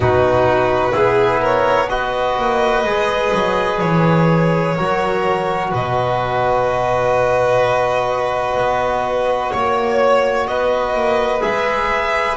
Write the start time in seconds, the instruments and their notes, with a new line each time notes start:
0.00 double bass B2, trombone D#4, violin F#4 B4
0.92 double bass B3, trombone E4, violin G#4
1.40 violin A#4 C#5
1.89 trombone F#4, violin B4 D#5
2.38 double bass A#3
2.84 double bass G#3, trombone G#4
3.34 double bass F#3
3.80 double bass E3, violin C#5
4.75 double bass F#3, trombone F#4, violin A#4
5.70 double bass B2, violin B4 D#5
8.57 double bass B3
9.51 double bass A#3, violin C#5
10.47 double bass B3, violin B4 D#5
10.93 double bass A#3
11.40 double bass G#3, trombone G#4, violin E5